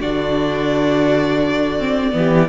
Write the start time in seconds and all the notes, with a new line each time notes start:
0.00 D3 D4 F#4 D5
1.80 C4
2.12 E3 B3 G4